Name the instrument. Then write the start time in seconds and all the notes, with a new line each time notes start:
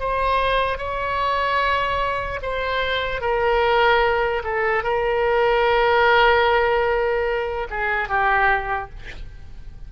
oboe
0.00 C5
0.78 C#5
2.43 C5
3.21 A#4
4.44 A4
4.84 A#4
7.71 G#4
8.09 G4